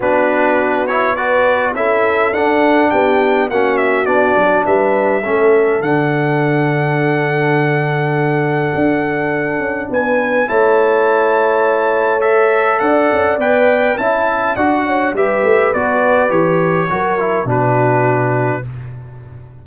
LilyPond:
<<
  \new Staff \with { instrumentName = "trumpet" } { \time 4/4 \tempo 4 = 103 b'4. cis''8 d''4 e''4 | fis''4 g''4 fis''8 e''8 d''4 | e''2 fis''2~ | fis''1~ |
fis''4 gis''4 a''2~ | a''4 e''4 fis''4 g''4 | a''4 fis''4 e''4 d''4 | cis''2 b'2 | }
  \new Staff \with { instrumentName = "horn" } { \time 4/4 fis'2 b'4 a'4~ | a'4 g'4 fis'2 | b'4 a'2.~ | a'1~ |
a'4 b'4 cis''2~ | cis''2 d''2 | e''4 d''8 cis''8 b'2~ | b'4 ais'4 fis'2 | }
  \new Staff \with { instrumentName = "trombone" } { \time 4/4 d'4. e'8 fis'4 e'4 | d'2 cis'4 d'4~ | d'4 cis'4 d'2~ | d'1~ |
d'2 e'2~ | e'4 a'2 b'4 | e'4 fis'4 g'4 fis'4 | g'4 fis'8 e'8 d'2 | }
  \new Staff \with { instrumentName = "tuba" } { \time 4/4 b2. cis'4 | d'4 b4 ais4 b8 fis8 | g4 a4 d2~ | d2. d'4~ |
d'8 cis'8 b4 a2~ | a2 d'8 cis'8 b4 | cis'4 d'4 g8 a8 b4 | e4 fis4 b,2 | }
>>